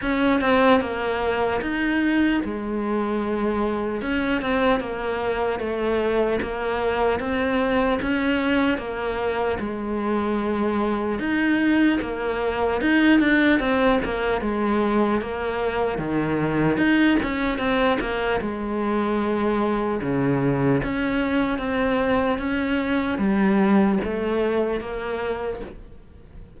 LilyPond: \new Staff \with { instrumentName = "cello" } { \time 4/4 \tempo 4 = 75 cis'8 c'8 ais4 dis'4 gis4~ | gis4 cis'8 c'8 ais4 a4 | ais4 c'4 cis'4 ais4 | gis2 dis'4 ais4 |
dis'8 d'8 c'8 ais8 gis4 ais4 | dis4 dis'8 cis'8 c'8 ais8 gis4~ | gis4 cis4 cis'4 c'4 | cis'4 g4 a4 ais4 | }